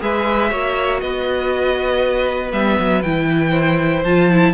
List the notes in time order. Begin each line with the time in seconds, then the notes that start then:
0.00 G#3 G#4 B4 E5
0.49 A#3 F#4 C#5
1.00 B3 B4 D#5
2.51 G3 B3 E5
2.79 F#3
3.02 E3 E4 G5
3.50 C5
4.04 F3 F4 A5
4.30 E4